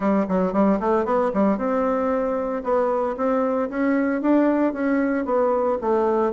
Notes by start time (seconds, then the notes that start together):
0.00 G3
0.28 F#3
0.53 G3
0.80 A3
1.05 B3
1.33 G3
1.57 C4
2.63 B3
3.16 C4
3.69 C#4
4.21 D4
4.73 C#4
5.25 B3
5.81 A3